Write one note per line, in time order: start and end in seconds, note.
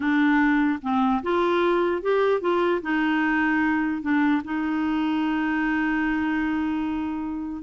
0.00 0.79 D4
0.81 1.22 C4
1.22 2.01 F4
2.01 2.41 G4
2.41 2.81 F4
2.82 4.02 D#4
4.02 4.42 D4
4.44 7.62 D#4